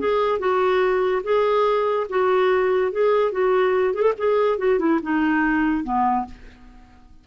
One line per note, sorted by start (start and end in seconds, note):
0.00 0.39 G#4
0.39 1.23 F#4
1.24 2.07 G#4
2.10 2.92 F#4
2.92 3.32 G#4
3.32 3.95 F#4
3.95 4.03 G#4
4.03 4.13 A4
4.18 4.59 G#4
4.59 4.79 F#4
4.79 5.00 E4
5.03 5.84 D#4
5.84 6.26 B3